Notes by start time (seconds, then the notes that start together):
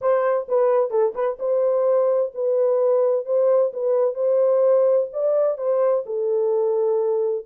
0.01 C5
0.48 B4
0.90 A4
1.14 B4
1.39 C5
2.34 B4
3.25 C5
3.73 B4
4.14 C5
5.12 D5
5.57 C5
6.06 A4